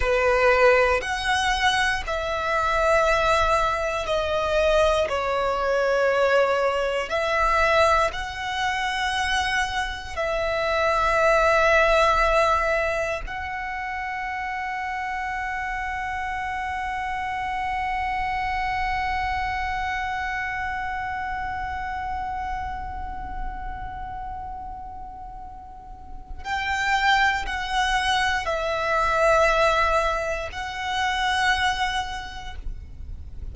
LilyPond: \new Staff \with { instrumentName = "violin" } { \time 4/4 \tempo 4 = 59 b'4 fis''4 e''2 | dis''4 cis''2 e''4 | fis''2 e''2~ | e''4 fis''2.~ |
fis''1~ | fis''1~ | fis''2 g''4 fis''4 | e''2 fis''2 | }